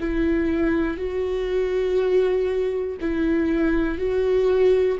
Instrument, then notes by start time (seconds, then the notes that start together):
viola
0.00 E4
0.97 F#4
3.00 E4
3.98 F#4